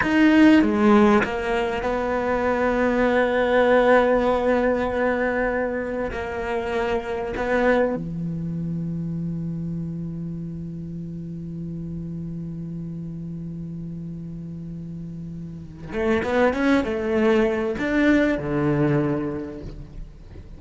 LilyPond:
\new Staff \with { instrumentName = "cello" } { \time 4/4 \tempo 4 = 98 dis'4 gis4 ais4 b4~ | b1~ | b2 ais2 | b4 e2.~ |
e1~ | e1~ | e2 a8 b8 cis'8 a8~ | a4 d'4 d2 | }